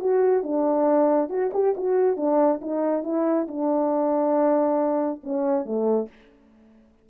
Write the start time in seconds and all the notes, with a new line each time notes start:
0.00 F#4
0.43 D4
1.30 F#4
1.54 G4
1.77 F#4
2.17 D4
2.62 D#4
3.04 E4
3.48 D4
5.24 C#4
5.66 A3